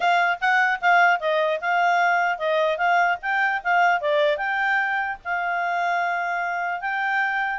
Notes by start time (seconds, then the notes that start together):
0.00 F5
0.40 F#5
0.81 F5
1.20 D#5
1.60 F5
2.38 D#5
2.77 F5
3.22 G5
3.63 F5
4.00 D5
4.37 G5
5.24 F5
6.80 G5